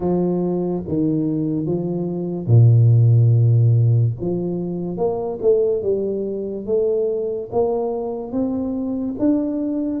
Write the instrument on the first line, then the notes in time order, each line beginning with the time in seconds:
tuba
0.00 F3
0.87 D#3
1.66 F3
2.46 A#2
4.20 F3
4.97 A#3
5.41 A3
5.82 G3
6.66 A3
7.52 A#3
8.31 C4
9.19 D4